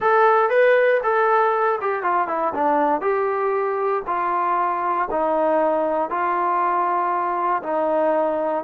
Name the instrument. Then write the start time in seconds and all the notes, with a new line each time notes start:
trombone
0.00 A4
0.49 B4
1.03 A4
1.81 G4
2.02 F4
2.27 E4
2.54 D4
3.01 G4
4.06 F4
5.10 D#4
6.09 F4
7.62 D#4